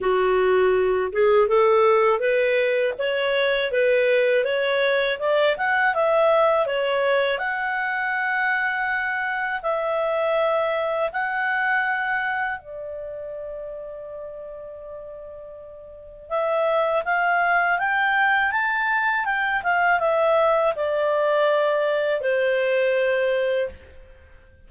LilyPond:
\new Staff \with { instrumentName = "clarinet" } { \time 4/4 \tempo 4 = 81 fis'4. gis'8 a'4 b'4 | cis''4 b'4 cis''4 d''8 fis''8 | e''4 cis''4 fis''2~ | fis''4 e''2 fis''4~ |
fis''4 d''2.~ | d''2 e''4 f''4 | g''4 a''4 g''8 f''8 e''4 | d''2 c''2 | }